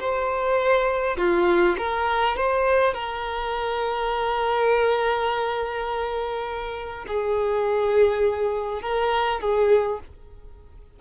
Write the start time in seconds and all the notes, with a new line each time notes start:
0.00 C5
1.17 F4
1.78 A#4
2.37 C5
2.94 A#4
7.08 G#4
8.82 A#4
9.41 G#4